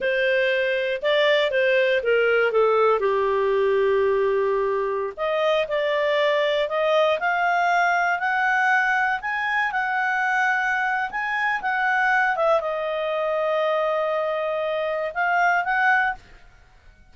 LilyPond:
\new Staff \with { instrumentName = "clarinet" } { \time 4/4 \tempo 4 = 119 c''2 d''4 c''4 | ais'4 a'4 g'2~ | g'2~ g'16 dis''4 d''8.~ | d''4~ d''16 dis''4 f''4.~ f''16~ |
f''16 fis''2 gis''4 fis''8.~ | fis''2 gis''4 fis''4~ | fis''8 e''8 dis''2.~ | dis''2 f''4 fis''4 | }